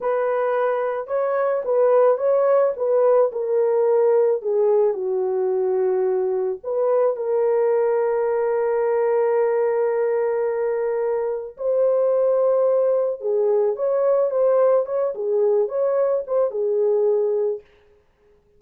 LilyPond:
\new Staff \with { instrumentName = "horn" } { \time 4/4 \tempo 4 = 109 b'2 cis''4 b'4 | cis''4 b'4 ais'2 | gis'4 fis'2. | b'4 ais'2.~ |
ais'1~ | ais'4 c''2. | gis'4 cis''4 c''4 cis''8 gis'8~ | gis'8 cis''4 c''8 gis'2 | }